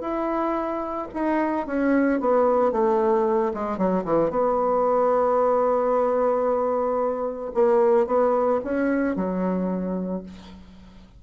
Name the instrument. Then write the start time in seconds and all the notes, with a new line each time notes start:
bassoon
0.00 E4
1.13 D#4
1.66 C#4
2.20 B3
2.71 A3
3.54 G#3
3.77 F#3
4.04 E3
4.30 B3
7.54 A#3
8.06 B3
8.64 C#4
9.16 F#3